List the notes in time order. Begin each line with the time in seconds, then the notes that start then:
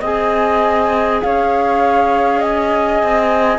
0.00 C4 G#4 D#5 G#5
1.22 C#4 C#5 F5
2.39 D#5 G#5
3.02 C4